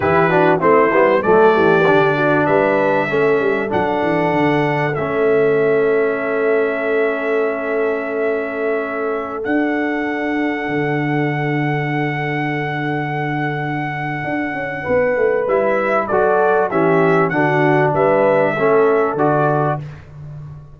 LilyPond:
<<
  \new Staff \with { instrumentName = "trumpet" } { \time 4/4 \tempo 4 = 97 b'4 c''4 d''2 | e''2 fis''2 | e''1~ | e''2.~ e''16 fis''8.~ |
fis''1~ | fis''1~ | fis''4 e''4 d''4 e''4 | fis''4 e''2 d''4 | }
  \new Staff \with { instrumentName = "horn" } { \time 4/4 g'8 fis'8 e'4 a'8 g'4 fis'8 | b'4 a'2.~ | a'1~ | a'1~ |
a'1~ | a'1 | b'2 a'4 g'4 | fis'4 b'4 a'2 | }
  \new Staff \with { instrumentName = "trombone" } { \time 4/4 e'8 d'8 c'8 b8 a4 d'4~ | d'4 cis'4 d'2 | cis'1~ | cis'2.~ cis'16 d'8.~ |
d'1~ | d'1~ | d'4 e'4 fis'4 cis'4 | d'2 cis'4 fis'4 | }
  \new Staff \with { instrumentName = "tuba" } { \time 4/4 e4 a8 g8 fis8 e8 d4 | g4 a8 g8 fis8 e8 d4 | a1~ | a2.~ a16 d'8.~ |
d'4~ d'16 d2~ d8.~ | d2. d'8 cis'8 | b8 a8 g4 fis4 e4 | d4 g4 a4 d4 | }
>>